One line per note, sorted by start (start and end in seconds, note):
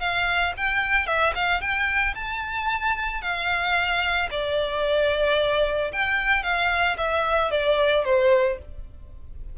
0.00 0.54 F5
0.57 1.07 G5
1.07 1.33 E5
1.35 1.61 F5
1.61 2.15 G5
2.15 3.22 A5
3.22 4.29 F5
4.31 5.91 D5
5.93 6.43 G5
6.43 6.97 F5
6.97 7.51 E5
7.51 8.05 D5
8.05 8.58 C5